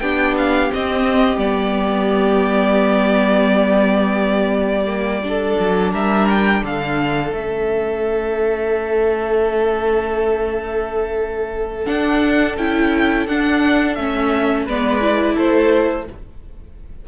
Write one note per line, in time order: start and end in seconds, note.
0.00 0.70 B3
0.00 0.71 D4
0.00 5.24 G4
0.00 0.35 G5
0.37 0.72 F5
0.71 1.38 C4
0.71 1.37 C4
0.71 1.39 D#5
1.37 5.55 G3
1.37 4.87 B3
1.37 5.92 D5
4.87 5.22 A#3
5.24 7.33 D4
5.24 5.92 A4
5.59 5.93 F#3
5.92 6.63 G3
5.92 6.62 A#4
5.92 6.29 E5
6.29 6.64 G5
6.63 7.32 D3
6.63 14.66 A4
6.63 7.34 F5
7.32 11.86 A3
7.32 11.86 C#4
7.32 11.86 E5
11.86 12.56 D4
11.86 12.57 D4
11.86 12.55 F#5
12.57 13.27 C#4
12.57 13.28 E4
12.57 13.27 G5
13.27 13.97 D4
13.27 13.98 D4
13.27 13.95 F#5
13.95 14.66 A3
13.95 14.68 C#4
13.95 14.65 E5
14.66 15.36 G#3
14.66 15.01 B3
14.66 15.35 B4
14.66 15.38 D5
15.01 16.06 E4
15.35 16.08 A3
15.35 16.05 A4
15.35 16.08 C5